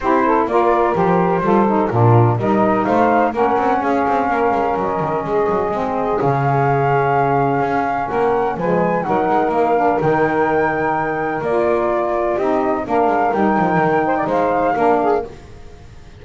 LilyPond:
<<
  \new Staff \with { instrumentName = "flute" } { \time 4/4 \tempo 4 = 126 c''4 d''4 c''2 | ais'4 dis''4 f''4 fis''4 | f''2 dis''2~ | dis''4 f''2.~ |
f''4 fis''4 gis''4 fis''4 | f''4 g''2. | d''2 dis''4 f''4 | g''2 f''2 | }
  \new Staff \with { instrumentName = "saxophone" } { \time 4/4 g'8 a'8 ais'2 a'4 | f'4 ais'4 c''4 ais'4 | gis'4 ais'2 gis'4~ | gis'1~ |
gis'4 ais'4 b'4 ais'4~ | ais'1~ | ais'2 g'4 ais'4~ | ais'4. c''16 d''16 c''4 ais'8 gis'8 | }
  \new Staff \with { instrumentName = "saxophone" } { \time 4/4 e'4 f'4 g'4 f'8 dis'8 | d'4 dis'2 cis'4~ | cis'1 | c'4 cis'2.~ |
cis'2 gis4 dis'4~ | dis'8 d'8 dis'2. | f'2 dis'4 d'4 | dis'2. d'4 | }
  \new Staff \with { instrumentName = "double bass" } { \time 4/4 c'4 ais4 f4 g4 | ais,4 g4 a4 ais8 c'8 | cis'8 c'8 ais8 gis8 fis8 dis8 gis8 fis8 | gis4 cis2. |
cis'4 ais4 f4 fis8 gis8 | ais4 dis2. | ais2 c'4 ais8 gis8 | g8 f8 dis4 gis4 ais4 | }
>>